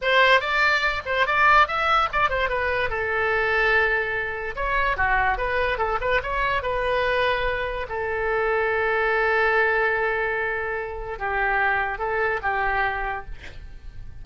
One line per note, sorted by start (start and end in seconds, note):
0.01 0.40 C5
0.40 1.02 D5
1.05 1.26 C5
1.26 1.67 D5
1.67 2.09 E5
2.12 2.29 D5
2.29 2.49 C5
2.49 2.89 B4
2.89 4.55 A4
4.55 4.96 C#5
4.96 5.37 F#4
5.37 5.78 B4
5.78 5.98 A4
6.00 6.21 B4
6.22 6.62 C#5
6.62 7.86 B4
7.88 11.18 A4
11.18 11.98 G4
11.98 12.39 A4
12.42 13.25 G4